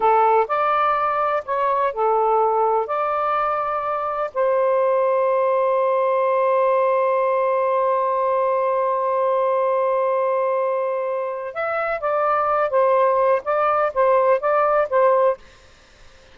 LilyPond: \new Staff \with { instrumentName = "saxophone" } { \time 4/4 \tempo 4 = 125 a'4 d''2 cis''4 | a'2 d''2~ | d''4 c''2.~ | c''1~ |
c''1~ | c''1 | e''4 d''4. c''4. | d''4 c''4 d''4 c''4 | }